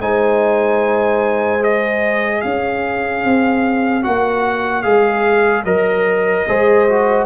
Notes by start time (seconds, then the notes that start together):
0.00 G#3 D#4 C5 G#5
1.60 G#4 D#5
2.41 C#4 C#5 F5
3.25 C4
4.03 A#3 F#4 F#5
4.82 G#3 G#4 F5
5.65 F#3 A#4 D#5
6.47 G#3 G#4 C5
6.89 F#4